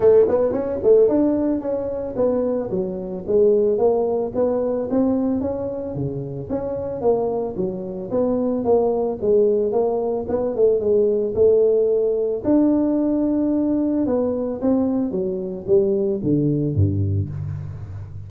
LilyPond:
\new Staff \with { instrumentName = "tuba" } { \time 4/4 \tempo 4 = 111 a8 b8 cis'8 a8 d'4 cis'4 | b4 fis4 gis4 ais4 | b4 c'4 cis'4 cis4 | cis'4 ais4 fis4 b4 |
ais4 gis4 ais4 b8 a8 | gis4 a2 d'4~ | d'2 b4 c'4 | fis4 g4 d4 g,4 | }